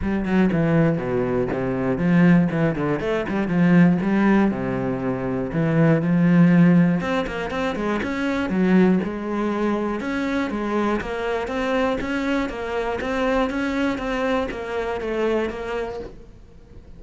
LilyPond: \new Staff \with { instrumentName = "cello" } { \time 4/4 \tempo 4 = 120 g8 fis8 e4 b,4 c4 | f4 e8 d8 a8 g8 f4 | g4 c2 e4 | f2 c'8 ais8 c'8 gis8 |
cis'4 fis4 gis2 | cis'4 gis4 ais4 c'4 | cis'4 ais4 c'4 cis'4 | c'4 ais4 a4 ais4 | }